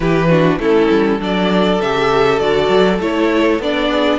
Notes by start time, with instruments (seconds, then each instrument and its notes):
0.00 cello E3, viola E4, violin G4 B4
0.29 viola D4, violin F#4
0.58 cello A3, viola C#4, violin E4 A4
0.90 cello G3
1.19 cello F#3, viola D4, violin A4 D5
1.81 cello C#3, viola G4, violin E5
2.39 cello D3, viola F#4, violin D5
2.69 cello F#3
2.98 cello A3, viola E4, violin C#5
3.58 cello B3, viola D4, violin D5
3.89 violin G#4